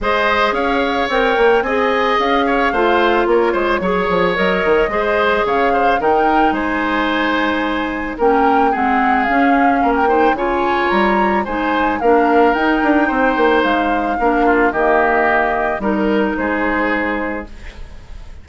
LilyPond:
<<
  \new Staff \with { instrumentName = "flute" } { \time 4/4 \tempo 4 = 110 dis''4 f''4 g''4 gis''4 | f''2 cis''2 | dis''2 f''4 g''4 | gis''2. g''4 |
fis''4 f''4~ f''16 g''8. gis''4 | ais''4 gis''4 f''4 g''4~ | g''4 f''2 dis''4~ | dis''4 ais'4 c''2 | }
  \new Staff \with { instrumentName = "oboe" } { \time 4/4 c''4 cis''2 dis''4~ | dis''8 cis''8 c''4 ais'8 c''8 cis''4~ | cis''4 c''4 cis''8 c''8 ais'4 | c''2. ais'4 |
gis'2 ais'8 c''8 cis''4~ | cis''4 c''4 ais'2 | c''2 ais'8 f'8 g'4~ | g'4 ais'4 gis'2 | }
  \new Staff \with { instrumentName = "clarinet" } { \time 4/4 gis'2 ais'4 gis'4~ | gis'4 f'2 gis'4 | ais'4 gis'2 dis'4~ | dis'2. cis'4 |
c'4 cis'4. dis'8 f'4~ | f'4 dis'4 d'4 dis'4~ | dis'2 d'4 ais4~ | ais4 dis'2. | }
  \new Staff \with { instrumentName = "bassoon" } { \time 4/4 gis4 cis'4 c'8 ais8 c'4 | cis'4 a4 ais8 gis8 fis8 f8 | fis8 dis8 gis4 cis4 dis4 | gis2. ais4 |
gis4 cis'4 ais4 cis4 | g4 gis4 ais4 dis'8 d'8 | c'8 ais8 gis4 ais4 dis4~ | dis4 g4 gis2 | }
>>